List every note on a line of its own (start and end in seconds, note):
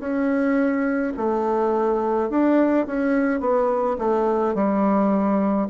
0.00 1.13 C#4
1.17 2.30 A3
2.30 2.87 D4
2.87 3.40 C#4
3.40 3.97 B3
3.99 4.55 A3
4.55 5.68 G3